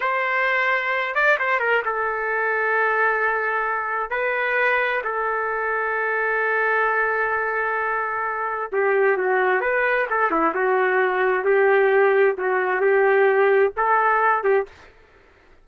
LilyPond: \new Staff \with { instrumentName = "trumpet" } { \time 4/4 \tempo 4 = 131 c''2~ c''8 d''8 c''8 ais'8 | a'1~ | a'4 b'2 a'4~ | a'1~ |
a'2. g'4 | fis'4 b'4 a'8 e'8 fis'4~ | fis'4 g'2 fis'4 | g'2 a'4. g'8 | }